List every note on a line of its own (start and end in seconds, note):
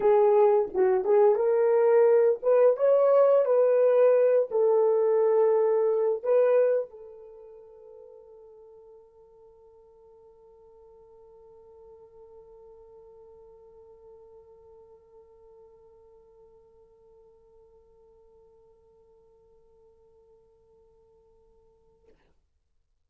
0.00 0.69 G#4
0.73 1.04 F#4
1.04 1.35 G#4
1.35 2.38 A#4
2.42 2.76 B4
2.76 3.45 C#5
3.45 4.48 B4
4.50 6.23 A4
6.23 6.90 B4
6.90 22.07 A4